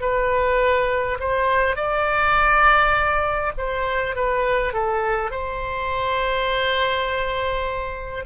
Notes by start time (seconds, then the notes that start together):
0.00 B4
1.19 C5
1.75 D5
3.57 C5
4.15 B4
4.73 A4
5.30 C5